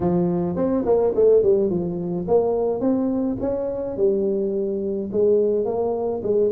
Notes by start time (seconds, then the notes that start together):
0.00 F3
0.56 C4
0.85 A#3
1.15 A3
1.43 G3
1.70 F3
2.27 A#3
2.80 C4
3.40 C#4
3.96 G3
5.12 G#3
5.65 A#3
6.23 G#3